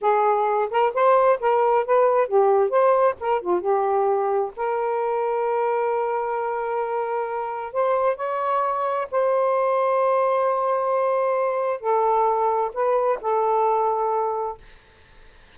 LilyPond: \new Staff \with { instrumentName = "saxophone" } { \time 4/4 \tempo 4 = 132 gis'4. ais'8 c''4 ais'4 | b'4 g'4 c''4 ais'8 f'8 | g'2 ais'2~ | ais'1~ |
ais'4 c''4 cis''2 | c''1~ | c''2 a'2 | b'4 a'2. | }